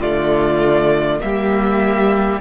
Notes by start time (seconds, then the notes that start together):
0.00 D3 A3 F4 D5
1.21 G3 A#3 G4 E5